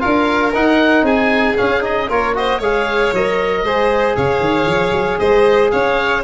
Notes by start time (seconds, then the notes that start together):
0.00 D4 F4 A#4 F5
0.54 D#4 F#5
1.02 C4 G#4 G#5
1.56 C#4 F5
1.81 D#4 D#5
2.09 A#3 F4 A#4 C#5
2.34 F#4 C5 D#5
2.59 G#3 G#4 C#5 F5
3.13 F#3 A#4 D#5
3.64 G#3 G#4 C5
4.16 C#3 C#5 F5
4.40 D#3
4.66 F3
4.92 F#3
5.19 G#3 C5 D#5
5.71 C#4 C#5 F5